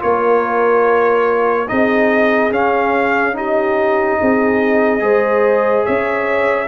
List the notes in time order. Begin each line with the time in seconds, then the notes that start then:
0.00 A#3 F4 A#4 C#5
1.68 C4 D#4 G#4 D#5
2.51 C#4 F5
3.34 D#4 G4 D#5
4.20 C4 G#4
5.00 G#3 G#4 C5
5.85 C#4 C#5 E5